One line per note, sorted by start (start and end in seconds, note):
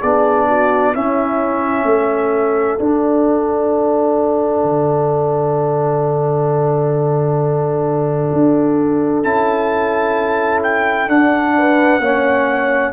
0.00 0.95 B3
0.00 0.94 D4
0.00 0.46 G#4
0.00 0.94 D5
0.48 0.92 F#4
0.92 2.79 C#4
0.92 1.85 C#4
0.92 1.85 E4
0.92 2.79 E5
1.85 2.77 A3
1.85 11.55 A4
2.79 4.63 D4
2.79 9.24 D4
2.79 9.23 F#5
4.63 8.32 D3
8.33 9.24 D4
9.23 11.07 C#4
9.23 11.08 E4
9.23 10.62 A5
10.63 11.09 G5
11.07 12.00 D4
11.07 12.01 D4
11.07 12.93 F#5
11.57 12.02 B4
12.00 12.92 A#3
12.00 12.93 C#4
12.00 12.93 C#5